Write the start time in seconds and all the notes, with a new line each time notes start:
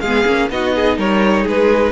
0.00 G#3 G#4 F5
0.06 B3
0.26 A#3 C#4
0.50 B3 D#4 F#4 D#5
0.75 G#4
0.97 G3 A#4 C#5
1.42 G#3 G#4 B4